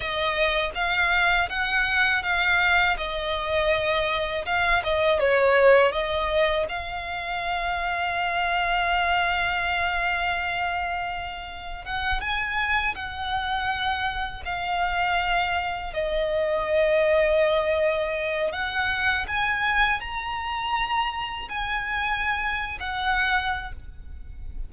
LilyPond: \new Staff \with { instrumentName = "violin" } { \time 4/4 \tempo 4 = 81 dis''4 f''4 fis''4 f''4 | dis''2 f''8 dis''8 cis''4 | dis''4 f''2.~ | f''1 |
fis''8 gis''4 fis''2 f''8~ | f''4. dis''2~ dis''8~ | dis''4 fis''4 gis''4 ais''4~ | ais''4 gis''4.~ gis''16 fis''4~ fis''16 | }